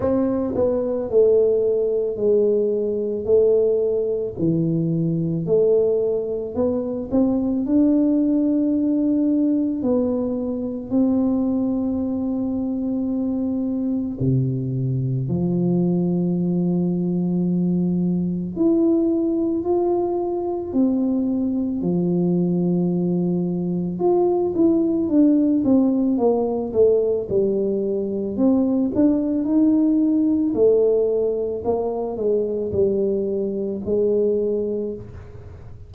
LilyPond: \new Staff \with { instrumentName = "tuba" } { \time 4/4 \tempo 4 = 55 c'8 b8 a4 gis4 a4 | e4 a4 b8 c'8 d'4~ | d'4 b4 c'2~ | c'4 c4 f2~ |
f4 e'4 f'4 c'4 | f2 f'8 e'8 d'8 c'8 | ais8 a8 g4 c'8 d'8 dis'4 | a4 ais8 gis8 g4 gis4 | }